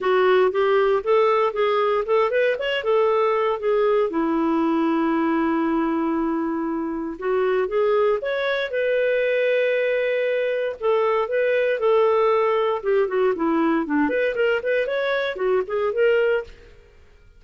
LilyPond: \new Staff \with { instrumentName = "clarinet" } { \time 4/4 \tempo 4 = 117 fis'4 g'4 a'4 gis'4 | a'8 b'8 cis''8 a'4. gis'4 | e'1~ | e'2 fis'4 gis'4 |
cis''4 b'2.~ | b'4 a'4 b'4 a'4~ | a'4 g'8 fis'8 e'4 d'8 b'8 | ais'8 b'8 cis''4 fis'8 gis'8 ais'4 | }